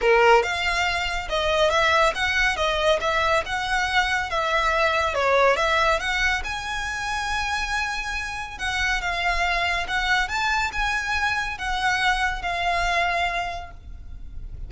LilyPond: \new Staff \with { instrumentName = "violin" } { \time 4/4 \tempo 4 = 140 ais'4 f''2 dis''4 | e''4 fis''4 dis''4 e''4 | fis''2 e''2 | cis''4 e''4 fis''4 gis''4~ |
gis''1 | fis''4 f''2 fis''4 | a''4 gis''2 fis''4~ | fis''4 f''2. | }